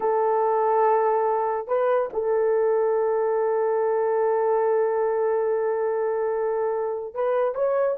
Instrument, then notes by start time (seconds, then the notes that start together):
horn
0.00 A4
1.67 B4
2.13 A4
7.14 B4
7.54 C#5